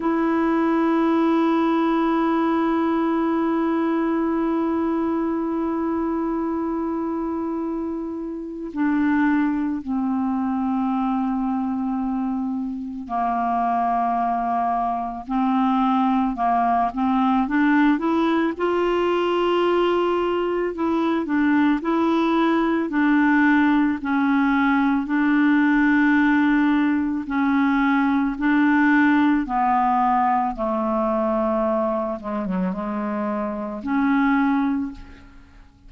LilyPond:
\new Staff \with { instrumentName = "clarinet" } { \time 4/4 \tempo 4 = 55 e'1~ | e'1 | d'4 c'2. | ais2 c'4 ais8 c'8 |
d'8 e'8 f'2 e'8 d'8 | e'4 d'4 cis'4 d'4~ | d'4 cis'4 d'4 b4 | a4. gis16 fis16 gis4 cis'4 | }